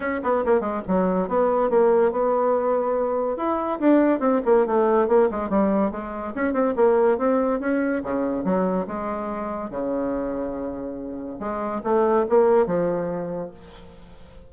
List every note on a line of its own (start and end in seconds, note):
0.00 0.20 C#4
0.23 0.44 B3
0.45 0.60 A#3
0.60 0.81 G#3
0.87 1.28 F#3
1.28 1.70 B3
1.70 2.11 A#3
2.11 3.36 B3
3.36 3.79 E4
3.79 4.19 D4
4.19 4.40 C4
4.45 4.66 A#3
4.66 5.07 A3
5.07 5.29 A#3
5.30 5.49 G#3
5.49 5.91 G3
5.91 6.33 G#3
6.35 6.53 C#4
6.53 6.74 C4
6.76 7.18 A#3
7.18 7.60 C4
7.60 8.02 C#4
8.03 8.44 C#3
8.44 8.86 F#3
8.87 9.70 G#3
9.70 11.39 C#3
11.39 11.81 G#3
11.83 12.25 A3
12.29 12.66 A#3
12.66 13.50 F3